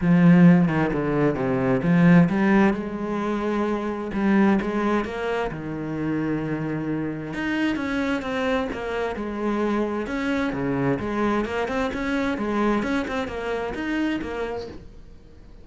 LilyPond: \new Staff \with { instrumentName = "cello" } { \time 4/4 \tempo 4 = 131 f4. dis8 d4 c4 | f4 g4 gis2~ | gis4 g4 gis4 ais4 | dis1 |
dis'4 cis'4 c'4 ais4 | gis2 cis'4 cis4 | gis4 ais8 c'8 cis'4 gis4 | cis'8 c'8 ais4 dis'4 ais4 | }